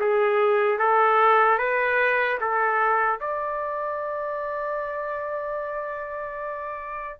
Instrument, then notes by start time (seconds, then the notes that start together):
trumpet
0.00 G#4
0.79 A4
1.58 B4
2.41 A4
3.20 D5